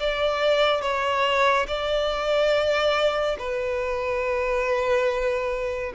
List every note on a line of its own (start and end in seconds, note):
0.00 0.82 D5
0.82 1.66 C#5
1.68 3.37 D5
3.39 5.93 B4